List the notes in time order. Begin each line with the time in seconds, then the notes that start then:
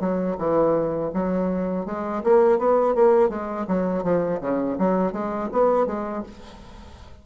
0.00 F#3
0.38 E3
1.14 F#3
1.86 G#3
2.24 A#3
2.58 B3
2.95 A#3
3.30 G#3
3.68 F#3
4.03 F3
4.41 C#3
4.79 F#3
5.13 G#3
5.52 B3
5.87 G#3